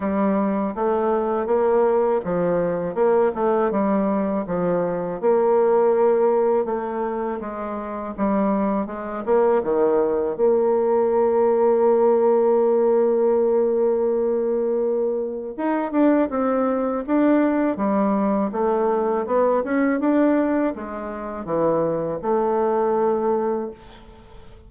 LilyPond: \new Staff \with { instrumentName = "bassoon" } { \time 4/4 \tempo 4 = 81 g4 a4 ais4 f4 | ais8 a8 g4 f4 ais4~ | ais4 a4 gis4 g4 | gis8 ais8 dis4 ais2~ |
ais1~ | ais4 dis'8 d'8 c'4 d'4 | g4 a4 b8 cis'8 d'4 | gis4 e4 a2 | }